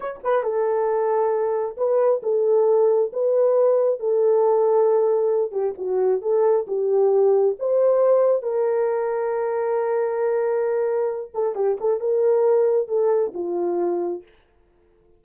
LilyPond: \new Staff \with { instrumentName = "horn" } { \time 4/4 \tempo 4 = 135 cis''8 b'8 a'2. | b'4 a'2 b'4~ | b'4 a'2.~ | a'8 g'8 fis'4 a'4 g'4~ |
g'4 c''2 ais'4~ | ais'1~ | ais'4. a'8 g'8 a'8 ais'4~ | ais'4 a'4 f'2 | }